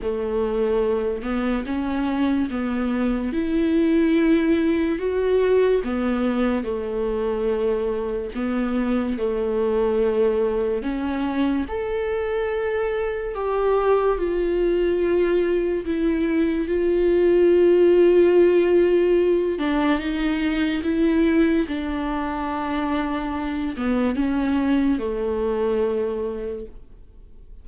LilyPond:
\new Staff \with { instrumentName = "viola" } { \time 4/4 \tempo 4 = 72 a4. b8 cis'4 b4 | e'2 fis'4 b4 | a2 b4 a4~ | a4 cis'4 a'2 |
g'4 f'2 e'4 | f'2.~ f'8 d'8 | dis'4 e'4 d'2~ | d'8 b8 cis'4 a2 | }